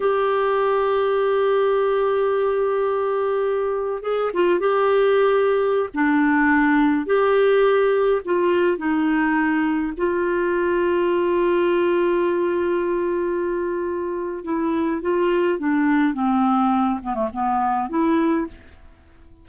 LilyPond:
\new Staff \with { instrumentName = "clarinet" } { \time 4/4 \tempo 4 = 104 g'1~ | g'2. gis'8 f'8 | g'2~ g'16 d'4.~ d'16~ | d'16 g'2 f'4 dis'8.~ |
dis'4~ dis'16 f'2~ f'8.~ | f'1~ | f'4 e'4 f'4 d'4 | c'4. b16 a16 b4 e'4 | }